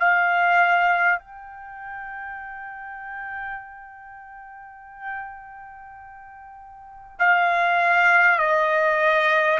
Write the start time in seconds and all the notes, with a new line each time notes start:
0.00 F5
1.19 G5
7.19 F5
8.38 D#5